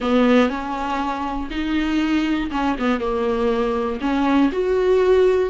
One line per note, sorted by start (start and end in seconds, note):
0.00 0.49 B3
0.49 1.49 C#4
1.50 2.50 D#4
2.51 2.76 C#4
2.78 3.00 B3
3.00 4.00 A#3
4.00 4.50 C#4
4.52 5.49 F#4